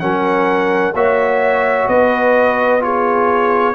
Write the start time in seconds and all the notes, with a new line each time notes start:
0.00 F#3 C#4 A#4 F#5
0.94 A#3 F#4 C#5 E5
1.88 B3 B4 D#5
2.80 F4 G#4 C#5